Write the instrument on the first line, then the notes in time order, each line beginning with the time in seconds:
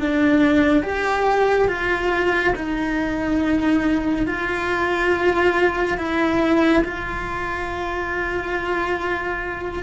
cello
0.00 D4
0.83 G4
1.68 F4
2.56 D#4
4.27 F4
5.98 E4
6.85 F4